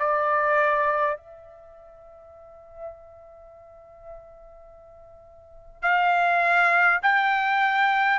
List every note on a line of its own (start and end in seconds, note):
0.00 1.18 D5
1.18 5.83 E5
5.83 7.01 F5
7.03 8.19 G5